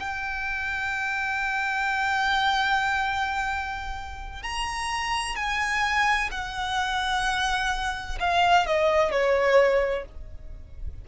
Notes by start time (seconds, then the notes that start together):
0.00 G5
4.43 A#5
5.36 G#5
6.31 F#5
8.20 F5
8.66 D#5
9.11 C#5